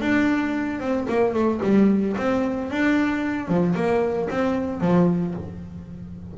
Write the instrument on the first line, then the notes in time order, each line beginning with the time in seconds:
double bass
0.00 D4
0.80 C4
1.09 A#3
1.34 A3
1.63 G3
2.18 C4
2.71 D4
3.48 F3
3.75 A#3
4.30 C4
4.81 F3